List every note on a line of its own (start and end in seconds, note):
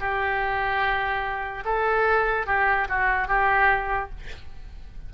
0.00 1.64 G4
1.65 2.47 A4
2.47 2.88 G4
2.89 3.28 F#4
3.28 4.10 G4